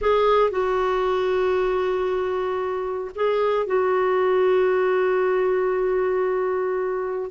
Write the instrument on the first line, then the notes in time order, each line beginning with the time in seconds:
clarinet
0.01 G#4
0.50 F#4
3.15 G#4
3.66 F#4